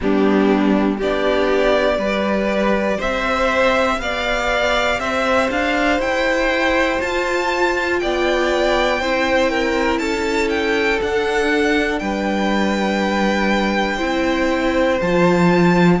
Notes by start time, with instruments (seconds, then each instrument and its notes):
0.00 cello G3, viola B3, violin D4 G4
0.97 cello B3, viola D4, violin G4 D5
1.97 cello G3, viola G4, violin B4
2.97 cello C4, violin C5 E5
3.99 cello B3, violin D5 F5
4.99 cello C4, violin C5 E5
5.50 cello D4, violin F5
5.98 cello E4, violin G5
7.00 viola F4, cello F4, violin A5
7.99 cello B3, violin D5 G5
9.00 cello C4, viola E4, violin C5
9.50 violin A#4
9.98 cello C#4, violin A4 A5
10.49 violin G5
11.00 viola D4, cello D4, violin F#5
11.99 cello G3, violin B4 G5
13.96 cello C4, viola E4, violin C5
15.01 cello F3, viola F4, violin A5